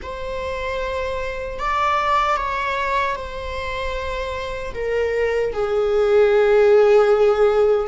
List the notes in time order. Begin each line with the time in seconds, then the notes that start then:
0.02 C5
1.59 D5
2.36 C#5
3.15 C5
4.74 A#4
5.53 G#4